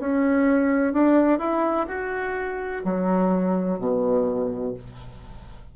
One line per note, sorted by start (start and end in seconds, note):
0.00 0.94 C#4
0.94 1.39 D4
1.39 1.87 E4
1.88 2.84 F#4
2.85 3.79 F#3
3.79 4.74 B2